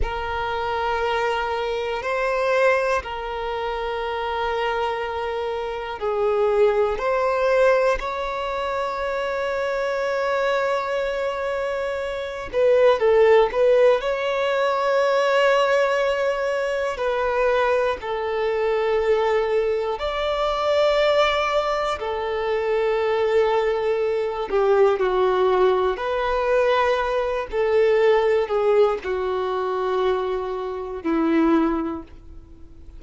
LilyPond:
\new Staff \with { instrumentName = "violin" } { \time 4/4 \tempo 4 = 60 ais'2 c''4 ais'4~ | ais'2 gis'4 c''4 | cis''1~ | cis''8 b'8 a'8 b'8 cis''2~ |
cis''4 b'4 a'2 | d''2 a'2~ | a'8 g'8 fis'4 b'4. a'8~ | a'8 gis'8 fis'2 e'4 | }